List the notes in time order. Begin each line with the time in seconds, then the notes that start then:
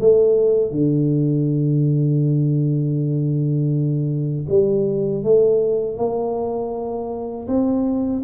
0.00 A3
0.71 D3
4.48 G3
5.23 A3
5.97 A#3
7.47 C4